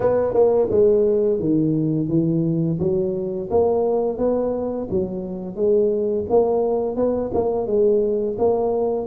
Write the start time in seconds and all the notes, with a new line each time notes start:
0.00 B3
0.33 A#3
0.70 G#3
1.40 D#3
2.08 E3
2.79 F#3
3.50 A#3
4.18 B3
4.90 F#3
5.55 G#3
6.29 A#3
6.95 B3
7.34 A#3
7.66 G#3
8.38 A#3